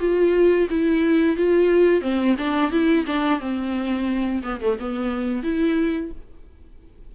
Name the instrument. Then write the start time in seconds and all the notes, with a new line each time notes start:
viola
0.00 F4
0.70 E4
1.37 F4
2.02 C4
2.38 D4
2.72 E4
3.07 D4
3.40 C4
4.43 B3
4.61 A3
4.80 B3
5.44 E4